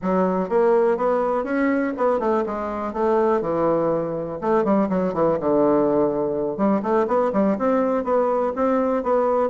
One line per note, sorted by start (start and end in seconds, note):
0.02 0.49 F#3
0.49 0.97 A#3
0.97 1.44 B3
1.44 1.92 C#4
1.97 2.19 B3
2.19 2.44 A3
2.46 2.93 G#3
2.93 3.41 A3
3.41 4.39 E3
4.41 4.64 A3
4.64 4.88 G3
4.89 5.13 F#3
5.13 5.38 E3
5.40 6.57 D3
6.57 6.81 G3
6.82 7.06 A3
7.07 7.31 B3
7.32 7.57 G3
7.58 8.04 C4
8.04 8.53 B3
8.55 9.03 C4
9.03 9.49 B3